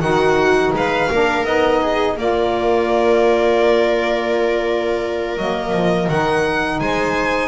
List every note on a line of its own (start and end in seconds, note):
0.00 0.71 D#3
0.00 1.09 D#4
0.00 0.75 F#4
0.00 0.72 F#5
0.73 1.09 G#3
0.73 1.10 B4
0.73 1.45 F5
1.10 1.45 A#3
1.10 1.46 D4
1.10 1.82 A#4
1.45 2.16 B3
1.45 2.17 D#4
1.45 2.16 D#5
1.82 2.17 G#4
2.16 5.37 A#3
2.16 5.37 F4
2.16 6.81 A#4
2.16 5.38 D5
5.37 5.72 F#3
5.37 6.09 A#3
5.37 6.09 D#5
5.72 6.07 F3
6.08 6.80 D#3
6.08 7.48 D#4
6.08 6.79 F#5
6.79 7.48 G#3
6.79 7.48 C5
6.79 7.48 G#5